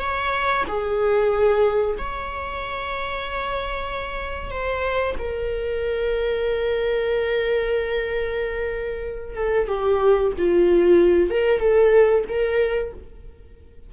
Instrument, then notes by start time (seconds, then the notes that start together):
viola
0.00 C#5
0.68 G#4
1.98 C#5
4.51 C5
5.19 A#4
9.36 A4
9.68 G4
10.38 F4
11.30 A#4
11.60 A4
12.29 A#4